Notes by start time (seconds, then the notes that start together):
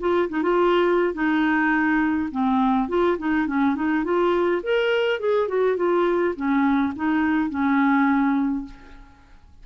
0.00 F4
0.29 D#4
0.43 F4
1.14 D#4
2.32 C4
2.89 F4
3.18 D#4
3.47 C#4
3.75 D#4
4.04 F4
4.63 A#4
5.20 G#4
5.48 F#4
5.77 F4
6.36 C#4
6.96 D#4
7.50 C#4